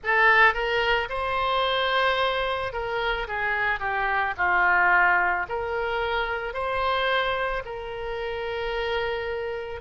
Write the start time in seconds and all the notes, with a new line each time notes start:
0.03 A4
0.54 A#4
1.09 C5
2.72 A#4
3.27 G#4
3.79 G4
4.37 F4
5.48 A#4
6.53 C5
7.65 A#4